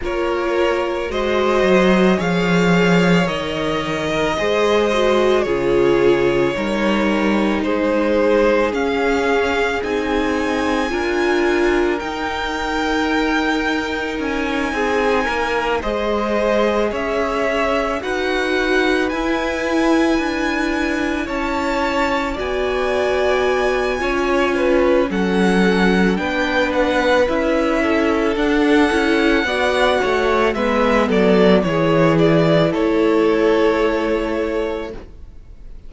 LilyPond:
<<
  \new Staff \with { instrumentName = "violin" } { \time 4/4 \tempo 4 = 55 cis''4 dis''4 f''4 dis''4~ | dis''4 cis''2 c''4 | f''4 gis''2 g''4~ | g''4 gis''4. dis''4 e''8~ |
e''8 fis''4 gis''2 a''8~ | a''8 gis''2~ gis''8 fis''4 | g''8 fis''8 e''4 fis''2 | e''8 d''8 cis''8 d''8 cis''2 | }
  \new Staff \with { instrumentName = "violin" } { \time 4/4 ais'4 c''4 cis''4.~ cis''16 ais'16 | c''4 gis'4 ais'4 gis'4~ | gis'2 ais'2~ | ais'4. gis'8 ais'8 c''4 cis''8~ |
cis''8 b'2. cis''8~ | cis''8 d''4. cis''8 b'8 a'4 | b'4. a'4. d''8 cis''8 | b'8 a'8 gis'4 a'2 | }
  \new Staff \with { instrumentName = "viola" } { \time 4/4 f'4 fis'4 gis'4 ais'4 | gis'8 fis'8 f'4 dis'2 | cis'4 dis'4 f'4 dis'4~ | dis'2~ dis'8 gis'4.~ |
gis'8 fis'4 e'2~ e'8~ | e'8 fis'4. f'4 cis'4 | d'4 e'4 d'8 e'8 fis'4 | b4 e'2. | }
  \new Staff \with { instrumentName = "cello" } { \time 4/4 ais4 gis8 fis8 f4 dis4 | gis4 cis4 g4 gis4 | cis'4 c'4 d'4 dis'4~ | dis'4 cis'8 c'8 ais8 gis4 cis'8~ |
cis'8 dis'4 e'4 d'4 cis'8~ | cis'8 b4. cis'4 fis4 | b4 cis'4 d'8 cis'8 b8 a8 | gis8 fis8 e4 a2 | }
>>